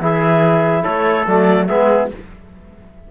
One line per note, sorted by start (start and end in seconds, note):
0.00 0.83 E3
0.00 1.26 E4
0.00 0.84 G#4
0.00 0.84 E5
0.84 1.27 A3
0.84 1.67 A4
0.84 1.26 C#5
1.27 1.69 F#3
1.27 1.69 A3
1.27 1.67 D5
1.67 2.12 G#3
1.67 2.10 B3
1.67 2.11 G#4
1.67 2.08 E5